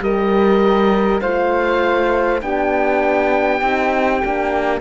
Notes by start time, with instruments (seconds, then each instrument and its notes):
0.00 cello G3, horn G4, flute A#4, oboe D#5
1.21 cello A3, horn F4, flute C5, oboe F5
2.42 cello B3, horn D4, flute G4, oboe G5
3.61 cello C4, horn D#4
4.22 cello A#3, horn D4